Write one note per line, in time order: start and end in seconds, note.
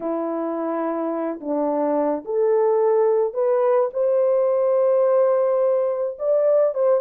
0.00 1.40 E4
1.40 2.24 D4
2.24 3.33 A4
3.33 3.89 B4
3.93 6.17 C5
6.18 6.74 D5
6.74 7.00 C5